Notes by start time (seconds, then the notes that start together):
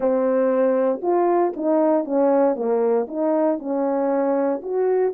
0.00 C4
1.01 F4
1.56 D#4
2.05 C#4
2.55 A#3
3.08 D#4
3.58 C#4
4.62 F#4